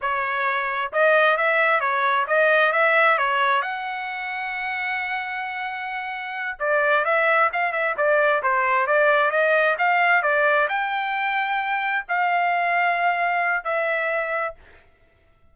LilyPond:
\new Staff \with { instrumentName = "trumpet" } { \time 4/4 \tempo 4 = 132 cis''2 dis''4 e''4 | cis''4 dis''4 e''4 cis''4 | fis''1~ | fis''2~ fis''8 d''4 e''8~ |
e''8 f''8 e''8 d''4 c''4 d''8~ | d''8 dis''4 f''4 d''4 g''8~ | g''2~ g''8 f''4.~ | f''2 e''2 | }